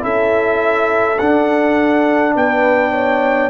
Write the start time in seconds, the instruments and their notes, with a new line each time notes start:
0.00 tuba C#4, trombone E4, horn A4, trumpet E5
1.18 tuba D4, trombone D4, trumpet F#5
2.35 tuba B3, horn B4, trumpet G5
2.91 horn C#5